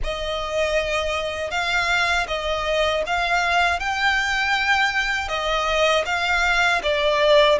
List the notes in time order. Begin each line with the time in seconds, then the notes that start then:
0.03 D#5
1.51 F5
2.28 D#5
3.06 F5
3.79 G5
5.28 D#5
6.05 F5
6.83 D5